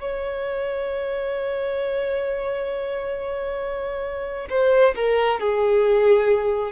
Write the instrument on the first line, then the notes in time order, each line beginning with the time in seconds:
violin
0.00 C#5
4.50 C5
4.95 A#4
5.40 G#4